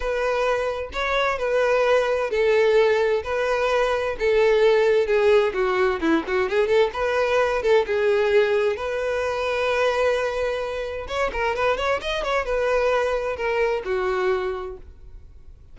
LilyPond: \new Staff \with { instrumentName = "violin" } { \time 4/4 \tempo 4 = 130 b'2 cis''4 b'4~ | b'4 a'2 b'4~ | b'4 a'2 gis'4 | fis'4 e'8 fis'8 gis'8 a'8 b'4~ |
b'8 a'8 gis'2 b'4~ | b'1 | cis''8 ais'8 b'8 cis''8 dis''8 cis''8 b'4~ | b'4 ais'4 fis'2 | }